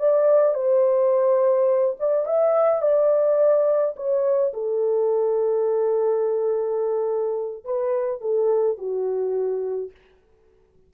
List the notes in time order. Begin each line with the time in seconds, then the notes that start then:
0.00 D5
0.55 C5
2.00 D5
2.26 E5
2.82 D5
3.96 C#5
4.54 A4
7.65 B4
8.22 A4
8.78 F#4